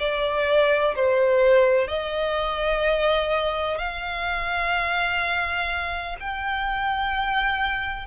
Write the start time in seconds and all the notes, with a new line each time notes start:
0.00 D5
0.96 C5
1.88 D#5
3.78 F5
6.20 G5